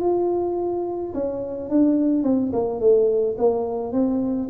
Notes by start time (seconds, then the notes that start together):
0.00 F4
1.14 C#4
1.70 D4
2.23 C4
2.53 A#3
2.80 A3
3.38 A#3
3.92 C4